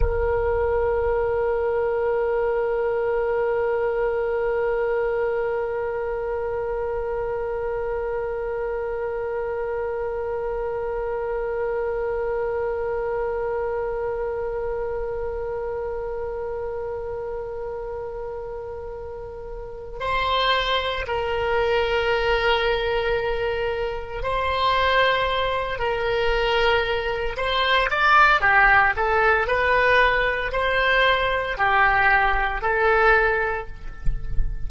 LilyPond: \new Staff \with { instrumentName = "oboe" } { \time 4/4 \tempo 4 = 57 ais'1~ | ais'1~ | ais'1~ | ais'1~ |
ais'2. c''4 | ais'2. c''4~ | c''8 ais'4. c''8 d''8 g'8 a'8 | b'4 c''4 g'4 a'4 | }